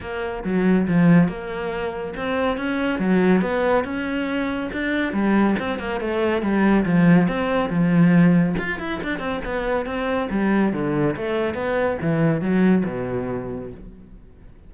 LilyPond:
\new Staff \with { instrumentName = "cello" } { \time 4/4 \tempo 4 = 140 ais4 fis4 f4 ais4~ | ais4 c'4 cis'4 fis4 | b4 cis'2 d'4 | g4 c'8 ais8 a4 g4 |
f4 c'4 f2 | f'8 e'8 d'8 c'8 b4 c'4 | g4 d4 a4 b4 | e4 fis4 b,2 | }